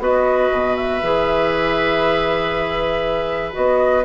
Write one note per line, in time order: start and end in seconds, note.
0.00 0.50 B3
0.00 1.02 F#4
0.00 4.05 B4
0.00 0.77 D#5
0.52 1.03 B2
0.77 3.54 E5
1.03 3.55 E3
1.03 3.53 G#4
3.53 4.05 B3
3.53 4.03 F#4
3.53 4.05 D#5